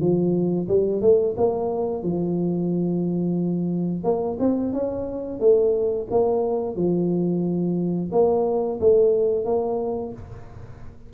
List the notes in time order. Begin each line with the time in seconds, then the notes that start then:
0.00 F3
0.68 G3
1.01 A3
1.37 A#3
2.03 F3
4.04 A#3
4.39 C4
4.73 C#4
5.39 A3
6.10 A#3
6.76 F3
8.12 A#3
8.80 A3
9.45 A#3